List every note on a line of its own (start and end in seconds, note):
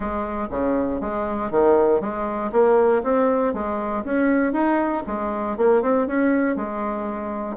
0.00 0.48 G#3
0.50 1.00 C#3
1.00 1.51 G#3
1.51 2.01 D#3
2.01 2.51 G#3
2.52 3.02 A#3
3.03 3.53 C4
3.53 4.04 G#3
4.04 4.52 C#4
4.52 5.03 D#4
5.06 5.57 G#3
5.57 5.82 A#3
5.82 6.07 C4
6.07 6.56 C#4
6.56 7.57 G#3